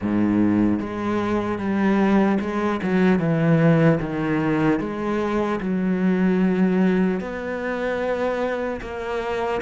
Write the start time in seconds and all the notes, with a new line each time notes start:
0.01 G#2
0.79 G#3
1.58 G3
2.40 G#3
2.83 F#3
3.19 E3
4.00 D#3
4.79 G#3
5.60 F#3
7.20 B3
8.81 A#3